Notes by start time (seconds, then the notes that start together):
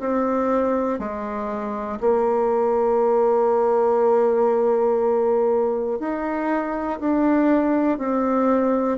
0.00 C4
0.99 G#3
2.00 A#3
6.00 D#4
7.00 D4
7.98 C4